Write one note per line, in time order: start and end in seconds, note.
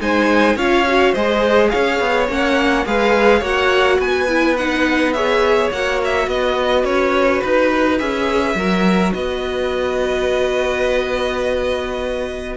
0.00 0.56 G#3
0.00 0.57 D#4
0.00 0.56 C5
0.00 0.58 G#5
0.56 1.13 C#4
0.56 0.86 F4
0.56 1.12 C#5
0.56 1.15 F5
0.88 1.16 F#4
1.12 1.73 G#3
1.12 2.29 G#4
1.12 1.69 C5
1.12 1.70 D#5
1.70 2.00 C#4
1.70 2.86 C#5
1.70 2.27 F5
2.00 2.29 B3
2.29 2.86 A#3
2.29 2.86 C#4
2.29 2.87 F#5
2.86 3.41 G#3
2.86 3.42 G#4
2.86 3.40 B4
2.86 3.44 F5
3.40 3.99 A#3
3.40 4.27 F#4
3.40 3.97 C#5
3.40 4.01 F#5
3.99 5.71 B3
3.99 5.14 B4
3.99 4.57 G#5
4.29 4.57 E4
4.57 5.15 D#4
4.57 5.13 F#5
5.13 5.72 G#4
5.13 6.29 C#5
5.13 5.70 E5
5.72 6.27 A#3
5.72 7.99 F#4
5.72 6.01 F#5
6.05 6.29 E5
6.27 6.85 B3
6.27 8.57 B4
6.27 6.85 D#5
6.85 7.42 C#4
6.85 7.41 C#5
7.41 8.01 D#4
7.41 7.98 B4
7.99 8.55 C#4
7.99 8.56 G#4
7.99 9.13 E5
8.55 9.12 F#3
8.55 12.57 F#4
8.55 9.14 A#4
9.13 12.57 B3
9.13 12.57 B4
9.13 12.56 D#5